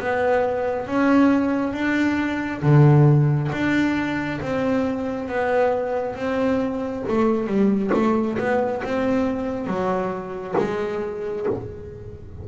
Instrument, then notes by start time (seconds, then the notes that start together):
double bass
0.00 B3
0.87 C#4
1.74 D4
2.63 D3
3.52 D4
4.42 C4
5.29 B3
6.16 C4
7.09 A3
7.47 G3
7.94 A3
8.39 B3
8.84 C4
9.67 F#3
10.58 G#3